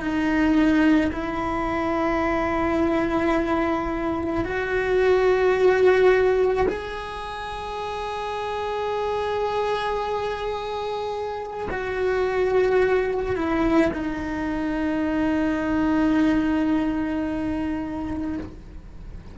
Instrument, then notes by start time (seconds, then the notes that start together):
cello
0.00 D#4
1.12 E4
4.44 F#4
6.68 G#4
11.71 F#4
13.35 E4
13.93 D#4